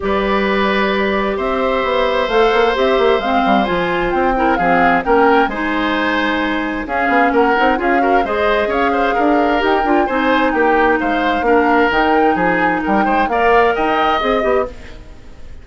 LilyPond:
<<
  \new Staff \with { instrumentName = "flute" } { \time 4/4 \tempo 4 = 131 d''2. e''4~ | e''4 f''4 e''4 f''4 | gis''4 g''4 f''4 g''4 | gis''2. f''4 |
fis''4 f''4 dis''4 f''4~ | f''4 g''4 gis''4 g''4 | f''2 g''4 gis''4 | g''4 f''4 g''4 dis''4 | }
  \new Staff \with { instrumentName = "oboe" } { \time 4/4 b'2. c''4~ | c''1~ | c''4. ais'8 gis'4 ais'4 | c''2. gis'4 |
ais'4 gis'8 ais'8 c''4 cis''8 c''8 | ais'2 c''4 g'4 | c''4 ais'2 gis'4 | ais'8 c''8 d''4 dis''2 | }
  \new Staff \with { instrumentName = "clarinet" } { \time 4/4 g'1~ | g'4 a'4 g'4 c'4 | f'4. e'8 c'4 cis'4 | dis'2. cis'4~ |
cis'8 dis'8 f'8 fis'8 gis'2~ | gis'4 g'8 f'8 dis'2~ | dis'4 d'4 dis'2~ | dis'4 ais'2 gis'8 g'8 | }
  \new Staff \with { instrumentName = "bassoon" } { \time 4/4 g2. c'4 | b4 a8 ais8 c'8 ais8 gis8 g8 | f4 c'4 f4 ais4 | gis2. cis'8 b8 |
ais8 c'8 cis'4 gis4 cis'4 | d'4 dis'8 d'8 c'4 ais4 | gis4 ais4 dis4 f4 | g8 gis8 ais4 dis'4 c'8 b8 | }
>>